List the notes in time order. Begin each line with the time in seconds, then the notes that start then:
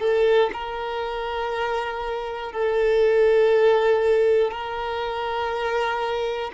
0.00 A4
0.53 A#4
2.53 A4
4.51 A#4